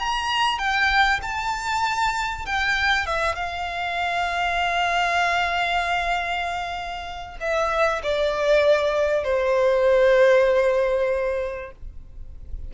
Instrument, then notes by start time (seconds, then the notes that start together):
violin
0.00 A#5
0.59 G5
1.23 A5
2.47 G5
3.07 E5
3.36 F5
7.41 E5
8.04 D5
9.24 C5